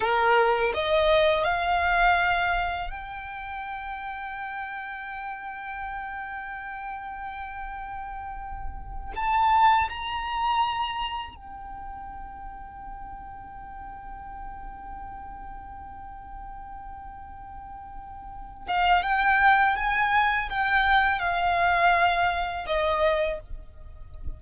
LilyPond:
\new Staff \with { instrumentName = "violin" } { \time 4/4 \tempo 4 = 82 ais'4 dis''4 f''2 | g''1~ | g''1~ | g''8 a''4 ais''2 g''8~ |
g''1~ | g''1~ | g''4. f''8 g''4 gis''4 | g''4 f''2 dis''4 | }